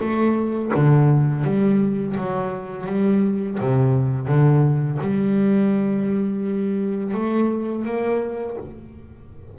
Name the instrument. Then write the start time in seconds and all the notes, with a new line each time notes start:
double bass
0.00 A3
0.74 D3
1.44 G3
2.17 F#3
2.87 G3
3.60 C3
4.27 D3
5.01 G3
7.14 A3
7.85 A#3